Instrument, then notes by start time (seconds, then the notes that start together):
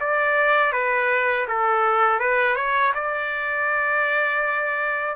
trumpet
0.00 D5
0.72 B4
1.48 A4
2.20 B4
2.56 C#5
2.94 D5